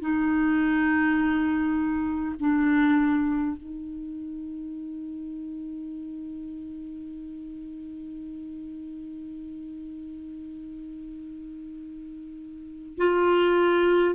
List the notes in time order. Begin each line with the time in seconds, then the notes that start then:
0.00 D#4
2.39 D4
3.57 D#4
12.97 F4